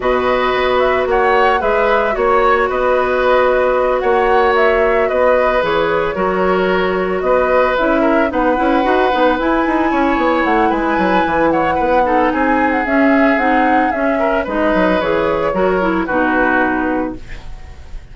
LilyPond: <<
  \new Staff \with { instrumentName = "flute" } { \time 4/4 \tempo 4 = 112 dis''4. e''8 fis''4 e''4 | cis''4 dis''2~ dis''8 fis''8~ | fis''8 e''4 dis''4 cis''4.~ | cis''4. dis''4 e''4 fis''8~ |
fis''4. gis''2 fis''8 | gis''4. fis''4. gis''8. fis''16 | e''4 fis''4 e''4 dis''4 | cis''2 b'2 | }
  \new Staff \with { instrumentName = "oboe" } { \time 4/4 b'2 cis''4 b'4 | cis''4 b'2~ b'8 cis''8~ | cis''4. b'2 ais'8~ | ais'4. b'4. ais'8 b'8~ |
b'2~ b'8 cis''4. | b'4. cis''8 b'8 a'8 gis'4~ | gis'2~ gis'8 ais'8 b'4~ | b'4 ais'4 fis'2 | }
  \new Staff \with { instrumentName = "clarinet" } { \time 4/4 fis'2. gis'4 | fis'1~ | fis'2~ fis'8 gis'4 fis'8~ | fis'2~ fis'8 e'4 dis'8 |
e'8 fis'8 dis'8 e'2~ e'8~ | e'2~ e'8 dis'4. | cis'4 dis'4 cis'4 dis'4 | gis'4 fis'8 e'8 dis'2 | }
  \new Staff \with { instrumentName = "bassoon" } { \time 4/4 b,4 b4 ais4 gis4 | ais4 b2~ b8 ais8~ | ais4. b4 e4 fis8~ | fis4. b4 cis'4 b8 |
cis'8 dis'8 b8 e'8 dis'8 cis'8 b8 a8 | gis8 fis8 e4 b4 c'4 | cis'4 c'4 cis'4 gis8 fis8 | e4 fis4 b,2 | }
>>